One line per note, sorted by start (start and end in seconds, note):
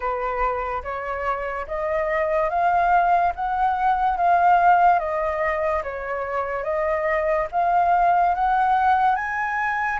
0.00 0.82 B4
0.83 1.66 C#5
1.67 2.49 D#5
2.49 3.33 F5
3.35 4.17 F#5
4.17 4.98 F5
4.98 5.82 D#5
5.83 6.63 C#5
6.63 7.47 D#5
7.51 8.34 F5
8.34 9.15 F#5
9.15 9.98 G#5